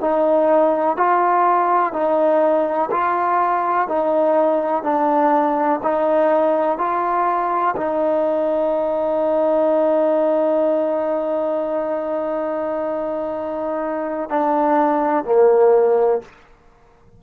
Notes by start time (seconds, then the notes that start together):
0.00 D#4
0.97 F4
1.93 D#4
2.91 F4
3.88 D#4
4.83 D4
5.83 D#4
6.78 F4
7.76 D#4
14.30 D4
15.25 A#3